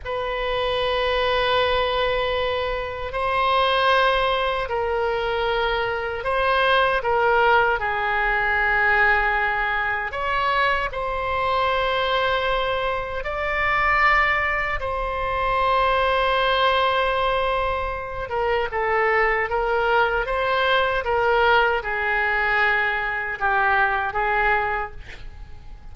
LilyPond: \new Staff \with { instrumentName = "oboe" } { \time 4/4 \tempo 4 = 77 b'1 | c''2 ais'2 | c''4 ais'4 gis'2~ | gis'4 cis''4 c''2~ |
c''4 d''2 c''4~ | c''2.~ c''8 ais'8 | a'4 ais'4 c''4 ais'4 | gis'2 g'4 gis'4 | }